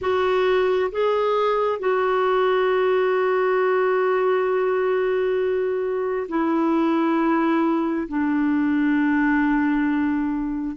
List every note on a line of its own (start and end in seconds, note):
0.01 0.90 F#4
0.91 1.79 G#4
1.79 6.27 F#4
6.28 8.07 E4
8.08 10.76 D4